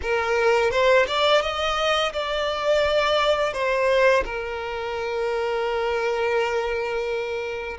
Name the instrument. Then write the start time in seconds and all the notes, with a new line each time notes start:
violin
0.02 A#4
0.71 C5
1.07 D5
1.41 D#5
2.12 D5
3.53 C5
4.24 A#4